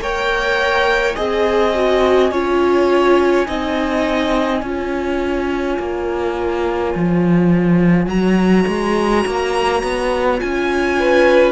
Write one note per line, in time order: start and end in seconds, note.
0.00 1.16 A#3
0.00 1.15 A#4
0.00 1.16 C#5
0.00 1.16 G5
1.16 2.31 C4
1.16 1.74 G#4
1.16 2.31 D#5
1.16 8.08 G#5
1.75 2.32 F#4
2.31 3.47 C#4
2.31 3.46 F4
2.31 3.47 C#5
3.46 4.62 C4
3.46 4.62 D#4
3.46 4.62 D#5
4.62 5.78 C#4
4.62 8.11 F4
4.62 10.97 C#5
5.79 6.94 A#3
6.95 8.07 F3
8.07 8.65 F#3
8.07 10.38 F#4
8.07 10.40 A#5
8.68 9.25 G#3
9.27 9.83 A#3
9.83 10.41 B3
10.38 11.52 C#4
10.38 11.52 F4
10.38 11.52 G#5
10.99 11.52 B4